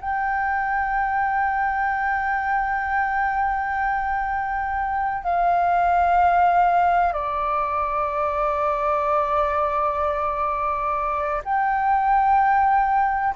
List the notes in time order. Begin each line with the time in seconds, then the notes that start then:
0.00 G5
5.23 F5
7.13 D5
11.44 G5